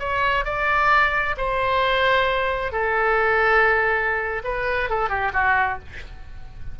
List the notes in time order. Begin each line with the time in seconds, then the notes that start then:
0.00 C#5
0.45 D5
1.38 C5
2.72 A4
4.44 B4
4.90 A4
5.10 G4
5.34 F#4